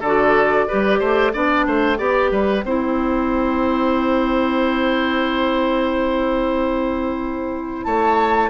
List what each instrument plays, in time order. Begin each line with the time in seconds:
0.00 bassoon D3, clarinet F#4, oboe A4, flute D5
0.68 bassoon G3, clarinet G4, oboe B4
0.99 bassoon A3, oboe C5
1.33 bassoon B3, clarinet D4, oboe D5, flute G5
1.67 bassoon A3, oboe C5
1.97 bassoon B3, clarinet G4, oboe D5
2.31 bassoon G3, oboe B4
2.63 bassoon C4, clarinet E4, oboe C5
7.84 bassoon A3, oboe C#5, flute A5